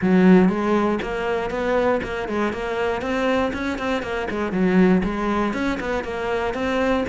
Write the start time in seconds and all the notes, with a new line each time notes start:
0.01 F#3
0.48 G#3
1.02 A#3
1.50 B3
2.03 A#3
2.28 G#3
2.53 A#3
3.01 C4
3.53 C#4
3.78 C4
4.02 A#3
4.30 G#3
4.51 F#3
5.03 G#3
5.53 C#4
5.79 B3
6.04 A#3
6.54 C4